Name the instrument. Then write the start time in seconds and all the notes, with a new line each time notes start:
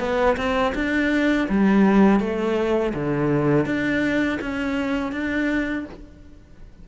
cello
0.00 B3
0.37 C4
0.75 D4
1.49 G3
2.20 A3
2.94 D3
3.66 D4
4.41 C#4
5.12 D4